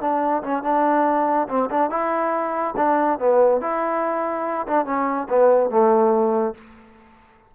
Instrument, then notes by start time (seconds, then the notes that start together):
trombone
0.00 D4
0.42 C#4
0.63 D4
1.48 C4
1.70 D4
1.90 E4
2.76 D4
3.19 B3
3.61 E4
4.67 D4
4.85 C#4
5.29 B3
5.70 A3